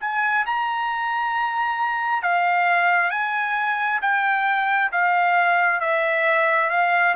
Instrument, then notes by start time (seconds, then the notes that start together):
trumpet
0.00 G#5
0.46 A#5
2.22 F5
3.10 G#5
4.01 G5
4.92 F5
5.80 E5
6.70 F5